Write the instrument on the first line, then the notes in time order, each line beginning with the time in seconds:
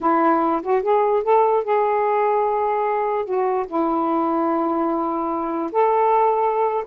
saxophone
0.00 E4
0.62 F#4
0.82 G#4
1.23 A4
1.64 G#4
3.25 F#4
3.67 E4
5.71 A4